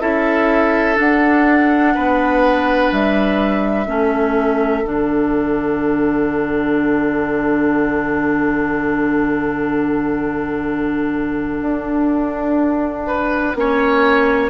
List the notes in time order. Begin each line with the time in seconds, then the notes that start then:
0.00 C#4 E4 A4 E5
0.95 D4 F#5
1.94 B3 B4
2.92 G3 E5
3.86 A3 C#4 A4
4.84 D3 D4 F#5
11.61 D4
13.07 B4
13.54 A#3 C#4 C#5